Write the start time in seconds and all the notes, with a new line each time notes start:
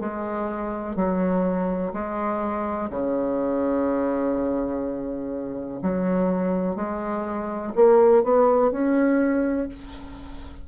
0.00 G#3
0.96 F#3
1.94 G#3
2.91 C#3
5.83 F#3
6.76 G#3
7.76 A#3
8.23 B3
8.72 C#4